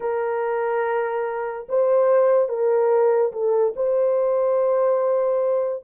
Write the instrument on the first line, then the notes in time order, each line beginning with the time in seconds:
horn
0.00 A#4
1.69 C5
2.48 A#4
3.32 A4
3.75 C5